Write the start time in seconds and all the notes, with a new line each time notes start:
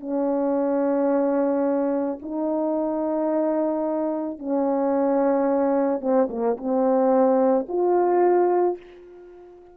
0.00 C#4
2.22 D#4
4.39 C#4
6.00 C4
6.30 A#3
6.57 C4
7.68 F4